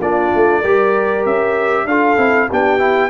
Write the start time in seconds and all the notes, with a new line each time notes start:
0.00 A#3 D4 F4 D5
0.35 A3
0.61 G3 G4 A#4
1.26 C#4 E5
1.85 D4 F4 A4 F5
2.17 C4 E4
2.49 B3 D4 G4 G5
2.79 E4